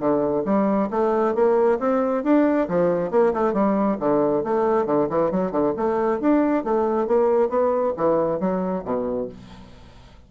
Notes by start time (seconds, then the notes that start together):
0.00 D3
0.45 G3
0.91 A3
1.35 A#3
1.80 C4
2.24 D4
2.69 F3
3.11 A#3
3.34 A3
3.54 G3
4.00 D3
4.44 A3
4.86 D3
5.10 E3
5.31 F#3
5.52 D3
5.77 A3
6.21 D4
6.64 A3
7.07 A#3
7.50 B3
7.97 E3
8.40 F#3
8.85 B2